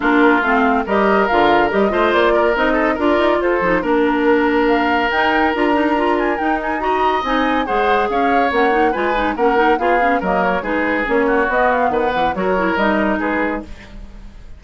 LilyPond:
<<
  \new Staff \with { instrumentName = "flute" } { \time 4/4 \tempo 4 = 141 ais'4 f''4 dis''4 f''4 | dis''4 d''4 dis''4 d''4 | c''4 ais'2 f''4 | g''4 ais''4. gis''8 g''8 gis''8 |
ais''4 gis''4 fis''4 f''4 | fis''4 gis''4 fis''4 f''4 | dis''8 cis''8 b'4 cis''4 dis''8 f''8 | fis''4 cis''4 dis''4 b'4 | }
  \new Staff \with { instrumentName = "oboe" } { \time 4/4 f'2 ais'2~ | ais'8 c''4 ais'4 a'8 ais'4 | a'4 ais'2.~ | ais'1 |
dis''2 c''4 cis''4~ | cis''4 b'4 ais'4 gis'4 | ais'4 gis'4. fis'4. | b'4 ais'2 gis'4 | }
  \new Staff \with { instrumentName = "clarinet" } { \time 4/4 d'4 c'4 g'4 f'4 | g'8 f'4. dis'4 f'4~ | f'8 dis'8 d'2. | dis'4 f'8 dis'8 f'4 dis'4 |
fis'4 dis'4 gis'2 | cis'8 dis'8 f'8 dis'8 cis'8 dis'8 f'8 cis'8 | ais4 dis'4 cis'4 b4~ | b4 fis'8 e'8 dis'2 | }
  \new Staff \with { instrumentName = "bassoon" } { \time 4/4 ais4 a4 g4 d4 | g8 a8 ais4 c'4 d'8 dis'8 | f'8 f8 ais2. | dis'4 d'2 dis'4~ |
dis'4 c'4 gis4 cis'4 | ais4 gis4 ais4 b4 | fis4 gis4 ais4 b4 | dis8 e8 fis4 g4 gis4 | }
>>